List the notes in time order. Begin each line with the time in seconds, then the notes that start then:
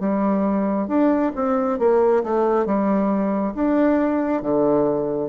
0.00 G3
0.88 D4
1.36 C4
1.79 A#3
2.24 A3
2.66 G3
3.55 D4
4.42 D3